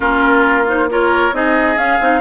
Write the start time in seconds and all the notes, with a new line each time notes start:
0.00 A#3 C#4 F4 A#4
0.66 D#4 C5
0.89 F4 A#4 C#5
1.32 C4 D#4 G#4 D#5
1.76 C#4 F5
2.00 C4 D#4